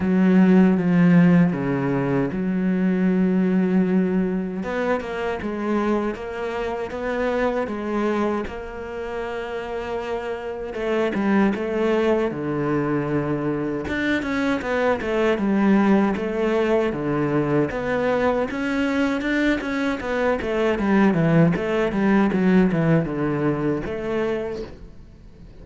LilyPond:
\new Staff \with { instrumentName = "cello" } { \time 4/4 \tempo 4 = 78 fis4 f4 cis4 fis4~ | fis2 b8 ais8 gis4 | ais4 b4 gis4 ais4~ | ais2 a8 g8 a4 |
d2 d'8 cis'8 b8 a8 | g4 a4 d4 b4 | cis'4 d'8 cis'8 b8 a8 g8 e8 | a8 g8 fis8 e8 d4 a4 | }